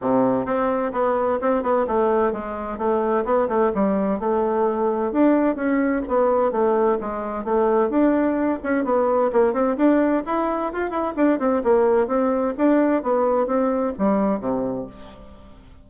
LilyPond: \new Staff \with { instrumentName = "bassoon" } { \time 4/4 \tempo 4 = 129 c4 c'4 b4 c'8 b8 | a4 gis4 a4 b8 a8 | g4 a2 d'4 | cis'4 b4 a4 gis4 |
a4 d'4. cis'8 b4 | ais8 c'8 d'4 e'4 f'8 e'8 | d'8 c'8 ais4 c'4 d'4 | b4 c'4 g4 c4 | }